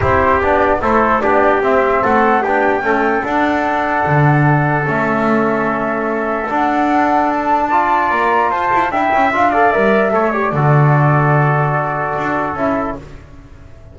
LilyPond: <<
  \new Staff \with { instrumentName = "flute" } { \time 4/4 \tempo 4 = 148 c''4 d''4 c''4 d''4 | e''4 fis''4 g''2 | fis''1 | e''1 |
fis''2 a''2 | ais''4 a''4 g''4 f''4 | e''4. d''2~ d''8~ | d''2. e''4 | }
  \new Staff \with { instrumentName = "trumpet" } { \time 4/4 g'2 a'4 g'4~ | g'4 a'4 g'4 a'4~ | a'1~ | a'1~ |
a'2. d''4~ | d''4 c''4 e''4. d''8~ | d''4 cis''4 a'2~ | a'1 | }
  \new Staff \with { instrumentName = "trombone" } { \time 4/4 e'4 d'4 e'4 d'4 | c'2 d'4 a4 | d'1 | cis'1 |
d'2. f'4~ | f'2 e'4 f'8 a'8 | ais'4 a'8 g'8 fis'2~ | fis'2. e'4 | }
  \new Staff \with { instrumentName = "double bass" } { \time 4/4 c'4 b4 a4 b4 | c'4 a4 b4 cis'4 | d'2 d2 | a1 |
d'1 | ais4 f'8 e'8 d'8 cis'8 d'4 | g4 a4 d2~ | d2 d'4 cis'4 | }
>>